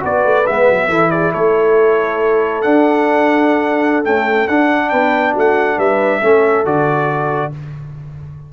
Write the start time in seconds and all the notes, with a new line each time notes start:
0.00 B3 F#4 B4 D5
0.25 A3
0.47 G#3 B3 E5
0.70 F#3
0.89 E3 E4 A4
1.11 G#4 D5
1.33 A3 A4 C#5
2.62 D4 F#5
4.05 A3 C#4 G5
4.48 D4 F#5
4.90 B3 B4 G5
5.34 A3 F#4 F#5
5.78 G3 B4 E5
6.22 A3 C#4 A4
6.65 D3 F#4 D5